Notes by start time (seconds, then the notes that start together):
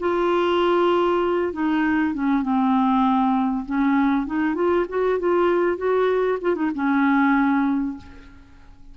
0.00 F4
1.53 D#4
2.15 C#4
2.43 C4
3.66 C#4
4.27 D#4
4.55 F4
4.89 F#4
5.20 F4
5.78 F#4
6.41 F4
6.56 D#4
6.75 C#4